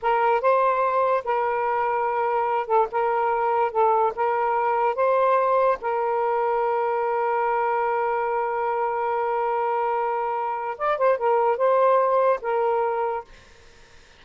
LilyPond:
\new Staff \with { instrumentName = "saxophone" } { \time 4/4 \tempo 4 = 145 ais'4 c''2 ais'4~ | ais'2~ ais'8 a'8 ais'4~ | ais'4 a'4 ais'2 | c''2 ais'2~ |
ais'1~ | ais'1~ | ais'2 d''8 c''8 ais'4 | c''2 ais'2 | }